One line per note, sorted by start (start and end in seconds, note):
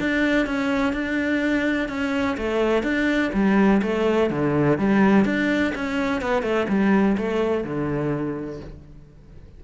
0.00 0.47 D4
0.47 0.93 C#4
0.93 1.89 D4
1.89 2.37 C#4
2.37 2.83 A3
2.83 3.31 D4
3.34 3.82 G3
3.82 4.30 A3
4.31 4.78 D3
4.78 5.25 G3
5.25 5.73 D4
5.75 6.22 C#4
6.22 6.43 B3
6.43 6.67 A3
6.69 7.17 G3
7.18 7.64 A3
7.64 8.60 D3